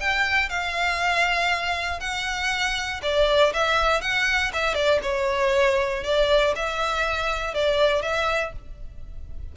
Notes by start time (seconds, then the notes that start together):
0.00 G5
0.49 F5
2.00 F#5
3.03 D5
3.53 E5
4.01 F#5
4.53 E5
4.75 D5
5.03 C#5
6.04 D5
6.56 E5
7.54 D5
8.02 E5